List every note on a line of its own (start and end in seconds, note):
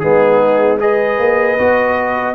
0.00 1.19 G#3
0.00 0.80 B3
0.00 0.81 D#4
0.00 0.78 G#4
0.80 1.58 G#4
0.80 2.36 B4
0.80 2.36 D#5
1.19 1.58 A#3
1.59 2.36 B3
1.59 2.36 F#4